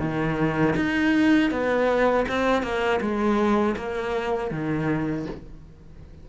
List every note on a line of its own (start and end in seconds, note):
0.00 0.75 D#3
0.76 1.51 D#4
1.51 2.26 B3
2.29 2.63 C4
2.63 3.00 A#3
3.01 3.76 G#3
3.77 4.51 A#3
4.51 5.26 D#3